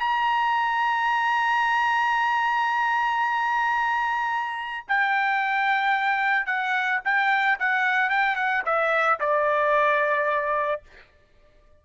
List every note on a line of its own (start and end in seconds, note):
0.00 4.86 A#5
4.88 6.46 G5
6.46 7.00 F#5
7.05 7.59 G5
7.59 8.10 F#5
8.10 8.36 G5
8.36 8.63 F#5
8.66 9.20 E5
9.20 10.82 D5